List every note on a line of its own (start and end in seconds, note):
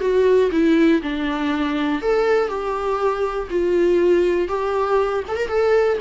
0.00 0.50 F#4
0.51 1.01 E4
1.02 2.02 D4
2.02 2.48 A4
2.48 3.48 G4
3.50 4.48 F4
4.48 5.23 G4
5.28 5.36 A4
5.36 5.47 A#4
5.47 5.97 A4